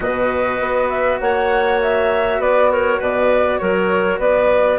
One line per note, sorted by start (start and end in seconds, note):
0.00 0.60 B2
0.00 4.78 F#4
0.00 1.21 B4
0.00 0.89 D#5
0.60 1.20 B3
0.89 1.19 E5
1.20 2.39 A#3
1.20 2.40 C#5
1.20 1.79 F#5
1.81 2.41 E5
2.39 2.99 B3
2.39 2.69 B4
2.39 2.71 D5
2.71 2.99 A#4
2.71 3.01 C#5
2.99 3.60 B2
2.99 3.59 B4
2.99 3.58 D5
3.58 4.18 F#3
3.58 4.19 A#4
3.58 4.18 C#5
4.18 4.78 B3
4.18 4.78 B4
4.18 4.78 D5